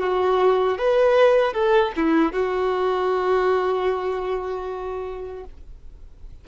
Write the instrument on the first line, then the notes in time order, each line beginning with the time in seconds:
violin
0.00 F#4
0.78 B4
1.53 A4
1.97 E4
2.32 F#4